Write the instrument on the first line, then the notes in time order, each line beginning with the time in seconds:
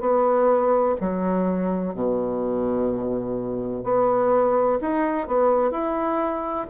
bassoon
0.00 B3
1.01 F#3
1.94 B2
3.84 B3
4.81 D#4
5.28 B3
5.71 E4